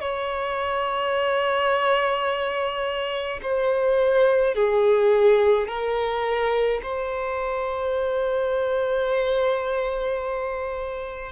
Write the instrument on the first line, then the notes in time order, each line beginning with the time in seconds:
violin
0.00 C#5
3.42 C5
4.54 G#4
5.68 A#4
6.82 C5